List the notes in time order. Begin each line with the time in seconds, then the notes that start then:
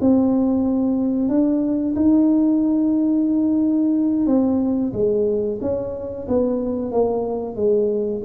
0.00 C4
1.29 D4
1.96 D#4
4.26 C4
4.93 G#3
5.61 C#4
6.28 B3
6.91 A#3
7.56 G#3